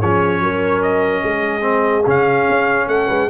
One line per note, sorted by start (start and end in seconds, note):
0.00 0.40 F3
0.00 1.61 C#4
0.00 0.41 G#4
0.00 0.82 C#5
0.40 1.22 F#3
0.40 1.23 A#4
0.82 2.06 D#5
1.23 2.06 G#3
1.23 2.87 G#4
1.61 2.02 C4
2.06 2.47 C#3
2.06 3.30 C#4
2.06 2.88 F5
2.50 2.88 C#4
2.88 3.08 A3
2.88 3.07 A4
2.88 3.29 F#5
3.07 3.30 G#3
3.07 3.27 B4